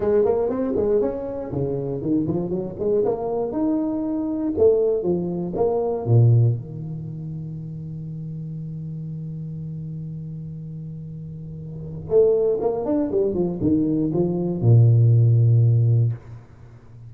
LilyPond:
\new Staff \with { instrumentName = "tuba" } { \time 4/4 \tempo 4 = 119 gis8 ais8 c'8 gis8 cis'4 cis4 | dis8 f8 fis8 gis8 ais4 dis'4~ | dis'4 a4 f4 ais4 | ais,4 dis2.~ |
dis1~ | dis1 | a4 ais8 d'8 g8 f8 dis4 | f4 ais,2. | }